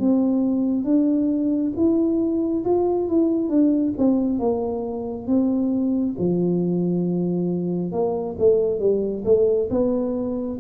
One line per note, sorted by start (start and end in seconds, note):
0.00 0.85 C4
0.85 1.73 D4
1.76 2.65 E4
2.65 3.08 F4
3.08 3.49 E4
3.49 3.93 D4
3.98 4.40 C4
4.40 5.27 A#3
5.27 6.16 C4
6.19 7.92 F3
7.92 8.36 A#3
8.39 8.80 A3
8.80 9.24 G3
9.25 9.69 A3
9.71 10.59 B3